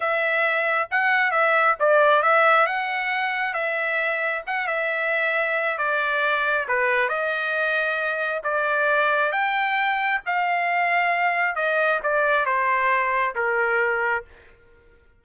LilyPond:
\new Staff \with { instrumentName = "trumpet" } { \time 4/4 \tempo 4 = 135 e''2 fis''4 e''4 | d''4 e''4 fis''2 | e''2 fis''8 e''4.~ | e''4 d''2 b'4 |
dis''2. d''4~ | d''4 g''2 f''4~ | f''2 dis''4 d''4 | c''2 ais'2 | }